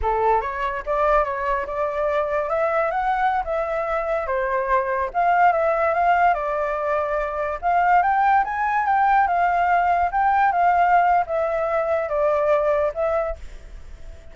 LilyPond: \new Staff \with { instrumentName = "flute" } { \time 4/4 \tempo 4 = 144 a'4 cis''4 d''4 cis''4 | d''2 e''4 fis''4~ | fis''16 e''2 c''4.~ c''16~ | c''16 f''4 e''4 f''4 d''8.~ |
d''2~ d''16 f''4 g''8.~ | g''16 gis''4 g''4 f''4.~ f''16~ | f''16 g''4 f''4.~ f''16 e''4~ | e''4 d''2 e''4 | }